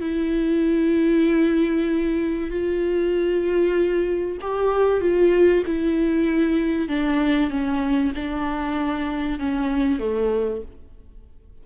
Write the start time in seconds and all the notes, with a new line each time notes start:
0.00 E4
2.50 F4
4.41 G4
5.01 F4
5.66 E4
6.88 D4
7.50 C#4
8.15 D4
9.39 C#4
9.99 A3